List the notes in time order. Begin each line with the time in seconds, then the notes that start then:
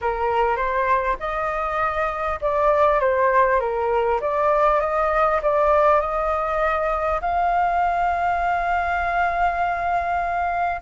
0.01 A#4
0.56 C5
1.19 D#5
2.41 D5
3.00 C5
3.60 A#4
4.20 D5
4.80 D#5
5.42 D5
6.00 D#5
7.21 F5